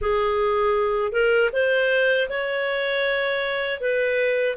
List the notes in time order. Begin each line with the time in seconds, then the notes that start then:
0.01 G#4
1.12 A#4
1.52 C5
2.29 C#5
3.80 B4